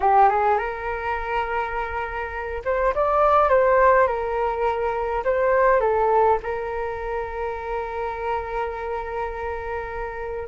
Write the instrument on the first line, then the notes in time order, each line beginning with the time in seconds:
flute
0.00 G4
0.28 G#4
0.58 A#4
2.65 C5
2.94 D5
3.49 C5
4.07 A#4
5.24 C5
5.80 A4
6.42 A#4